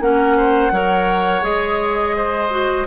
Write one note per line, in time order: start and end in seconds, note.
0.00 0.71 A#3
0.00 0.72 C#4
0.00 0.37 A#4
0.00 1.44 F#5
0.37 0.72 C5
0.71 1.42 F#3
0.71 1.42 A#4
0.71 2.16 C#5
1.42 2.86 G#3
1.42 2.49 G#4
1.42 2.87 D#5
2.16 2.87 C5
2.50 2.86 F#4